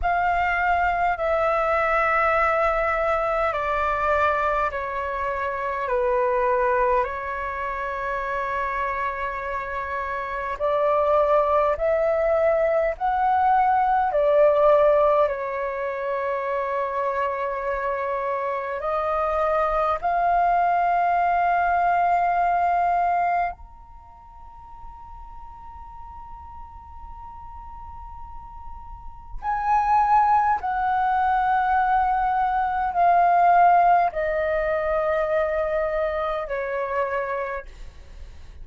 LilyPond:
\new Staff \with { instrumentName = "flute" } { \time 4/4 \tempo 4 = 51 f''4 e''2 d''4 | cis''4 b'4 cis''2~ | cis''4 d''4 e''4 fis''4 | d''4 cis''2. |
dis''4 f''2. | ais''1~ | ais''4 gis''4 fis''2 | f''4 dis''2 cis''4 | }